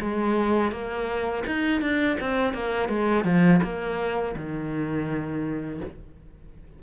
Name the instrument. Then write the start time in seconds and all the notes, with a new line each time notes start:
cello
0.00 G#3
0.71 A#3
1.46 D#4
1.81 D4
2.20 C4
2.53 A#3
2.88 G#3
3.24 F3
3.62 A#3
4.36 D#3